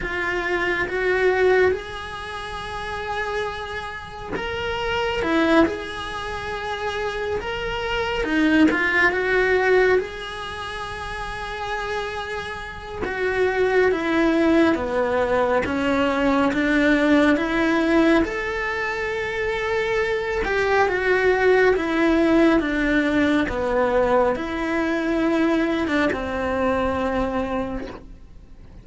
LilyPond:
\new Staff \with { instrumentName = "cello" } { \time 4/4 \tempo 4 = 69 f'4 fis'4 gis'2~ | gis'4 ais'4 e'8 gis'4.~ | gis'8 ais'4 dis'8 f'8 fis'4 gis'8~ | gis'2. fis'4 |
e'4 b4 cis'4 d'4 | e'4 a'2~ a'8 g'8 | fis'4 e'4 d'4 b4 | e'4.~ e'16 d'16 c'2 | }